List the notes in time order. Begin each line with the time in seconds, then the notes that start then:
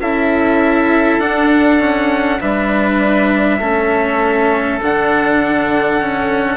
0.00 C#4 E4 A4 E5
1.19 D4 F#5
1.79 C#4
2.40 G3 D4 B4 E5
3.59 A3 C#4 A4
4.82 D3 D4 F#5
6.01 C#4